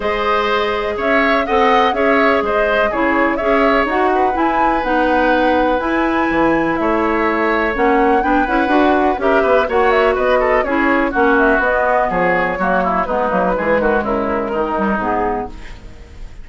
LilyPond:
<<
  \new Staff \with { instrumentName = "flute" } { \time 4/4 \tempo 4 = 124 dis''2 e''4 fis''4 | e''4 dis''4 cis''4 e''4 | fis''4 gis''4 fis''2 | gis''2 e''2 |
fis''4 g''8 fis''4. e''4 | fis''8 e''8 dis''4 cis''4 fis''8 e''8 | dis''4 cis''2 b'4~ | b'4 ais'2 gis'4 | }
  \new Staff \with { instrumentName = "oboe" } { \time 4/4 c''2 cis''4 dis''4 | cis''4 c''4 gis'4 cis''4~ | cis''8 b'2.~ b'8~ | b'2 cis''2~ |
cis''4 b'2 ais'8 b'8 | cis''4 b'8 a'8 gis'4 fis'4~ | fis'4 gis'4 fis'8 e'8 dis'4 | gis'8 fis'8 e'4 dis'2 | }
  \new Staff \with { instrumentName = "clarinet" } { \time 4/4 gis'2. a'4 | gis'2 e'4 gis'4 | fis'4 e'4 dis'2 | e'1 |
cis'4 d'8 e'8 fis'4 g'4 | fis'2 e'4 cis'4 | b2 ais4 b8 ais8 | gis2~ gis8 g8 b4 | }
  \new Staff \with { instrumentName = "bassoon" } { \time 4/4 gis2 cis'4 c'4 | cis'4 gis4 cis4 cis'4 | dis'4 e'4 b2 | e'4 e4 a2 |
ais4 b8 cis'8 d'4 cis'8 b8 | ais4 b4 cis'4 ais4 | b4 f4 fis4 gis8 fis8 | e8 dis8 cis4 dis4 gis,4 | }
>>